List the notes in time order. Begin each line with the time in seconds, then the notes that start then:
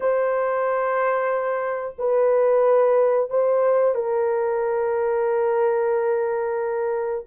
0.00 C5
1.98 B4
3.30 C5
3.94 A#4